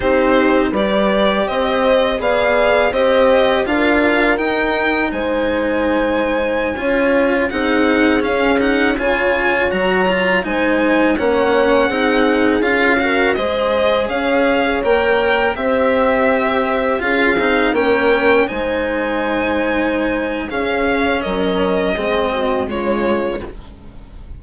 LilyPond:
<<
  \new Staff \with { instrumentName = "violin" } { \time 4/4 \tempo 4 = 82 c''4 d''4 dis''4 f''4 | dis''4 f''4 g''4 gis''4~ | gis''2~ gis''16 fis''4 f''8 fis''16~ | fis''16 gis''4 ais''4 gis''4 fis''8.~ |
fis''4~ fis''16 f''4 dis''4 f''8.~ | f''16 g''4 e''2 f''8.~ | f''16 g''4 gis''2~ gis''8. | f''4 dis''2 cis''4 | }
  \new Staff \with { instrumentName = "horn" } { \time 4/4 g'4 b'4 c''4 d''4 | c''4 ais'2 c''4~ | c''4~ c''16 cis''4 gis'4.~ gis'16~ | gis'16 cis''2 c''4 cis''8.~ |
cis''16 gis'4. ais'8 c''4 cis''8.~ | cis''4~ cis''16 c''2 gis'8.~ | gis'16 ais'4 c''2~ c''8. | gis'4 ais'4 gis'8 fis'8 f'4 | }
  \new Staff \with { instrumentName = "cello" } { \time 4/4 dis'4 g'2 gis'4 | g'4 f'4 dis'2~ | dis'4~ dis'16 f'4 dis'4 cis'8 dis'16~ | dis'16 f'4 fis'8 f'8 dis'4 cis'8.~ |
cis'16 dis'4 f'8 fis'8 gis'4.~ gis'16~ | gis'16 ais'4 g'2 f'8 dis'16~ | dis'16 cis'4 dis'2~ dis'8. | cis'2 c'4 gis4 | }
  \new Staff \with { instrumentName = "bassoon" } { \time 4/4 c'4 g4 c'4 b4 | c'4 d'4 dis'4 gis4~ | gis4~ gis16 cis'4 c'4 cis'8.~ | cis'16 cis4 fis4 gis4 ais8.~ |
ais16 c'4 cis'4 gis4 cis'8.~ | cis'16 ais4 c'2 cis'8 c'16~ | c'16 ais4 gis2~ gis8. | cis'4 fis4 gis4 cis4 | }
>>